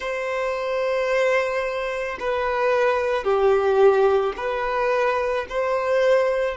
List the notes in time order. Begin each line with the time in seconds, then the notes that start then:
0.00 C5
2.19 B4
3.24 G4
4.36 B4
5.48 C5